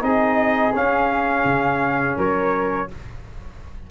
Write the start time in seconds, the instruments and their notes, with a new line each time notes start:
0.00 tuba C4, trombone D#4, flute G#4, trumpet D#5
0.74 trombone C#4, tuba C#4, trumpet F5
1.45 tuba C#3
2.17 tuba F#3, flute A#4, trumpet C#5